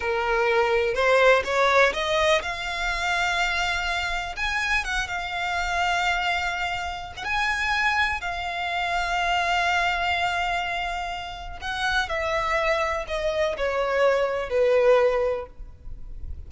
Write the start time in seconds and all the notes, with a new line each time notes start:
0.00 A#4
0.94 C5
1.44 C#5
1.93 D#5
2.42 F5
4.36 G#5
4.84 F#5
5.07 F5
7.16 F#5
7.24 G#5
8.20 F5
11.61 F#5
12.09 E5
13.07 D#5
13.57 C#5
14.49 B4